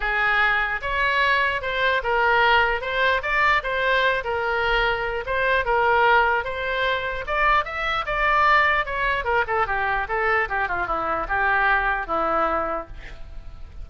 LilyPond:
\new Staff \with { instrumentName = "oboe" } { \time 4/4 \tempo 4 = 149 gis'2 cis''2 | c''4 ais'2 c''4 | d''4 c''4. ais'4.~ | ais'4 c''4 ais'2 |
c''2 d''4 e''4 | d''2 cis''4 ais'8 a'8 | g'4 a'4 g'8 f'8 e'4 | g'2 e'2 | }